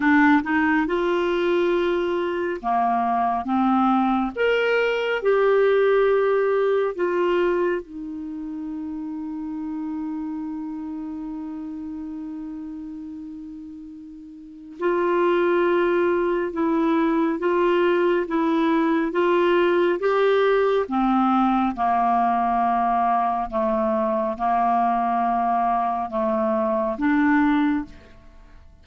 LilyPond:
\new Staff \with { instrumentName = "clarinet" } { \time 4/4 \tempo 4 = 69 d'8 dis'8 f'2 ais4 | c'4 ais'4 g'2 | f'4 dis'2.~ | dis'1~ |
dis'4 f'2 e'4 | f'4 e'4 f'4 g'4 | c'4 ais2 a4 | ais2 a4 d'4 | }